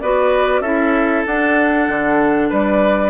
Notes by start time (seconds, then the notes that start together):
0.00 B3 F#4 B4 D5
0.61 C#4 E4 A4 E5
1.26 D4 F#5
1.88 D3
2.49 G3 B4 D5